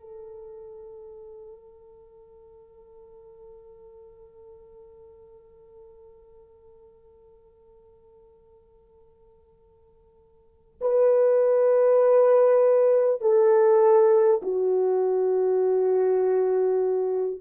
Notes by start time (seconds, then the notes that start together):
0.00 A4
10.81 B4
13.21 A4
14.42 F#4